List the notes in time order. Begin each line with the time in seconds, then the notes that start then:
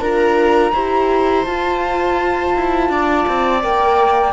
0.00 D4 F4 A#4 A#5
0.72 E4 G4 C5
1.45 F4 A5
2.56 E4
2.89 D4 D5
3.28 C4
3.62 A#3 A#4 G5